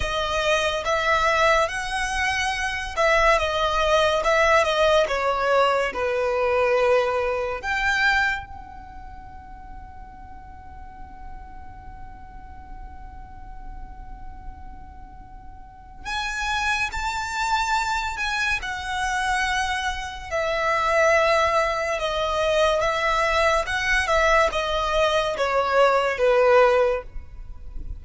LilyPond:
\new Staff \with { instrumentName = "violin" } { \time 4/4 \tempo 4 = 71 dis''4 e''4 fis''4. e''8 | dis''4 e''8 dis''8 cis''4 b'4~ | b'4 g''4 fis''2~ | fis''1~ |
fis''2. gis''4 | a''4. gis''8 fis''2 | e''2 dis''4 e''4 | fis''8 e''8 dis''4 cis''4 b'4 | }